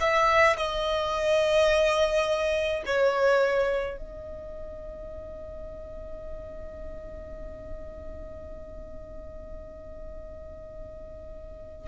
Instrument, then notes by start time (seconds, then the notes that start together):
violin
0.00 E5
0.57 D#5
2.86 C#5
3.97 D#5